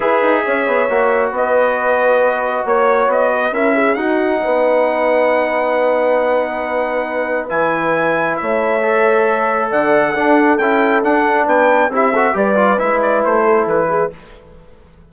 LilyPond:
<<
  \new Staff \with { instrumentName = "trumpet" } { \time 4/4 \tempo 4 = 136 e''2. dis''4~ | dis''2 cis''4 dis''4 | e''4 fis''2.~ | fis''1~ |
fis''4 gis''2 e''4~ | e''2 fis''2 | g''4 fis''4 g''4 e''4 | d''4 e''8 d''8 c''4 b'4 | }
  \new Staff \with { instrumentName = "horn" } { \time 4/4 b'4 cis''2 b'4~ | b'2 cis''4. b'8 | ais'8 gis'8 fis'4 b'2~ | b'1~ |
b'2. cis''4~ | cis''2 d''4 a'4~ | a'2 b'4 g'8 a'8 | b'2~ b'8 a'4 gis'8 | }
  \new Staff \with { instrumentName = "trombone" } { \time 4/4 gis'2 fis'2~ | fis'1 | e'4 dis'2.~ | dis'1~ |
dis'4 e'2. | a'2. d'4 | e'4 d'2 e'8 fis'8 | g'8 f'8 e'2. | }
  \new Staff \with { instrumentName = "bassoon" } { \time 4/4 e'8 dis'8 cis'8 b8 ais4 b4~ | b2 ais4 b4 | cis'4 dis'4 b2~ | b1~ |
b4 e2 a4~ | a2 d4 d'4 | cis'4 d'4 b4 c'4 | g4 gis4 a4 e4 | }
>>